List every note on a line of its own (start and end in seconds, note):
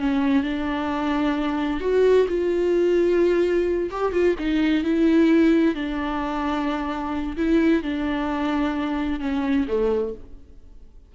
0.00 0.43 C#4
0.43 1.81 D4
1.81 2.27 F#4
2.29 3.90 F4
3.91 4.13 G4
4.13 4.36 F4
4.39 4.84 D#4
4.84 5.75 E4
5.75 7.37 D4
7.37 7.83 E4
7.83 9.21 D4
9.21 9.67 C#4
9.68 10.14 A3